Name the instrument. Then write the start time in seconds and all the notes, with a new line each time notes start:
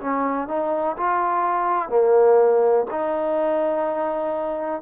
trombone
0.00 C#4
0.48 D#4
0.97 F4
1.89 A#3
2.90 D#4